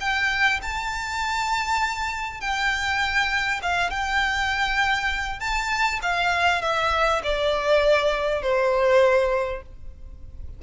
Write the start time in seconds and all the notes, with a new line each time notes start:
0.00 G5
0.62 A5
2.40 G5
3.62 F5
3.90 G5
5.39 A5
6.02 F5
6.62 E5
7.23 D5
8.42 C5